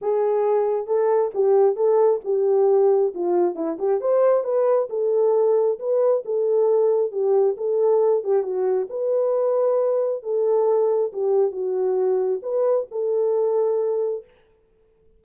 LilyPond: \new Staff \with { instrumentName = "horn" } { \time 4/4 \tempo 4 = 135 gis'2 a'4 g'4 | a'4 g'2 f'4 | e'8 g'8 c''4 b'4 a'4~ | a'4 b'4 a'2 |
g'4 a'4. g'8 fis'4 | b'2. a'4~ | a'4 g'4 fis'2 | b'4 a'2. | }